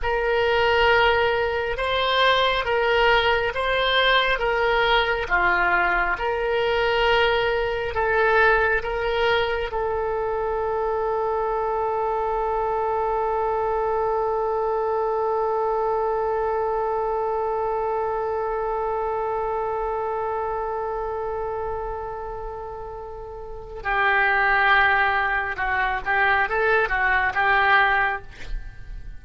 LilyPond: \new Staff \with { instrumentName = "oboe" } { \time 4/4 \tempo 4 = 68 ais'2 c''4 ais'4 | c''4 ais'4 f'4 ais'4~ | ais'4 a'4 ais'4 a'4~ | a'1~ |
a'1~ | a'1~ | a'2. g'4~ | g'4 fis'8 g'8 a'8 fis'8 g'4 | }